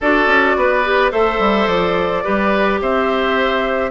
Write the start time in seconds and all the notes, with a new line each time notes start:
0.00 D4 F#4 A4 D5
0.26 C#4
0.56 B3 B4
0.84 G4
1.11 A3 A4 C5 E5
1.39 G3
1.67 F3 D5
2.23 G3 G4 B4
2.81 C4 C5 E5